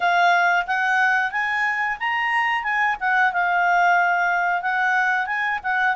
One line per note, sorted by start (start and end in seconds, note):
0.00 0.66 F5
0.66 1.31 F#5
1.31 1.97 G#5
1.99 2.63 A#5
2.63 2.96 G#5
3.00 3.33 F#5
3.33 4.62 F5
4.62 5.26 F#5
5.26 5.59 G#5
5.63 5.96 F#5